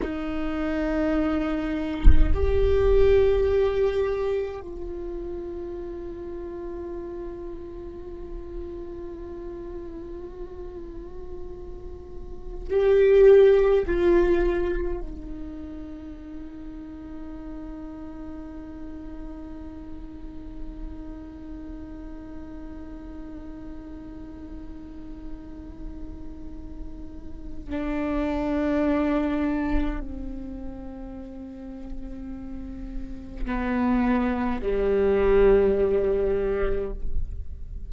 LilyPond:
\new Staff \with { instrumentName = "viola" } { \time 4/4 \tempo 4 = 52 dis'2 g'2 | f'1~ | f'2. g'4 | f'4 dis'2.~ |
dis'1~ | dis'1 | d'2 c'2~ | c'4 b4 g2 | }